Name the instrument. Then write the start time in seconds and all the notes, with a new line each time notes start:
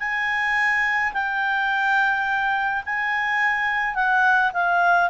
clarinet
0.00 G#5
1.13 G5
2.86 G#5
3.95 F#5
4.54 F5